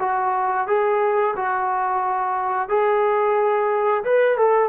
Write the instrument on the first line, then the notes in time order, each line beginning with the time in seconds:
trombone
0.00 F#4
0.68 G#4
1.36 F#4
2.69 G#4
4.04 B4
4.38 A4